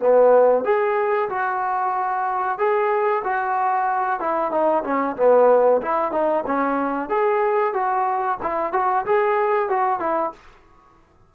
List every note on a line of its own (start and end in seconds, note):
0.00 0.64 B3
0.64 1.29 G#4
1.29 2.58 F#4
2.58 3.23 G#4
3.24 4.20 F#4
4.20 4.51 E4
4.51 4.83 D#4
4.84 5.16 C#4
5.16 5.81 B3
5.81 6.12 E4
6.12 6.44 D#4
6.46 7.09 C#4
7.09 7.74 G#4
7.74 8.38 F#4
8.43 8.73 E4
8.73 9.05 F#4
9.06 9.69 G#4
9.69 10.00 F#4
10.00 10.32 E4